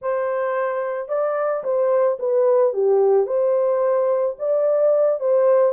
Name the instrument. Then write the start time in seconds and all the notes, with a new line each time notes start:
horn
0.01 C5
1.08 D5
1.63 C5
2.19 B4
2.73 G4
3.26 C5
4.38 D5
5.20 C5